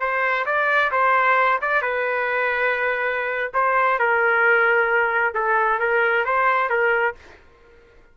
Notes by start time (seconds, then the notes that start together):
0.00 C5
0.46 D5
0.91 C5
1.61 D5
1.82 B4
3.54 C5
3.99 A#4
5.34 A4
5.79 A#4
6.25 C5
6.69 A#4